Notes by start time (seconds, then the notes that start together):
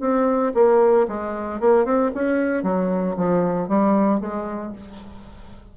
0.00 C4
0.54 A#3
1.08 G#3
1.60 A#3
1.85 C4
2.15 C#4
2.63 F#3
3.17 F3
3.68 G3
4.20 G#3